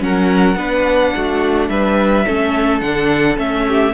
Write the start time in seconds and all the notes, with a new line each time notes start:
0.00 F#3 C#4 A#4 F#5
0.56 B3 D4 B4
1.16 A3 F#4
1.69 G3 B4 E5
2.26 A3 C#4 A4
2.81 D3 D4 F#5
3.37 A3 C#4 E5
3.69 G4